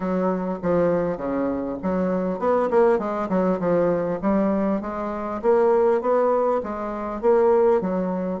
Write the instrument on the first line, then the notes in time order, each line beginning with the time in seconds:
bassoon
0.00 F#3
0.62 F3
1.17 C#3
1.82 F#3
2.39 B3
2.70 A#3
2.98 G#3
3.29 F#3
3.59 F3
4.21 G3
4.81 G#3
5.41 A#3
6.01 B3
6.63 G#3
7.21 A#3
7.81 F#3